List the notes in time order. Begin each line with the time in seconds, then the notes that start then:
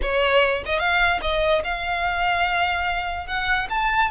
0.01 C#5
0.65 D#5
0.79 F5
1.21 D#5
1.64 F5
3.27 F#5
3.69 A5